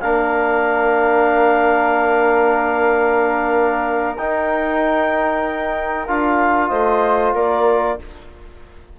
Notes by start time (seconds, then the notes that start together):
0.00 A#3 D4 A#4 F5
4.17 D#4 G5
6.07 D4 F4 F5
6.68 A3 C5 D#5
7.34 A#3 A#4 D5